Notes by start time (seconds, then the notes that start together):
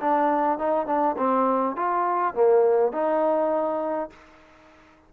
0.00 D4
0.58 D#4
0.86 D4
1.17 C4
1.75 F4
2.34 A#3
2.92 D#4